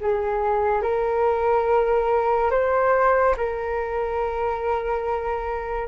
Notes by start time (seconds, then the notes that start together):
0.00 G#4
0.82 A#4
2.50 C5
3.36 A#4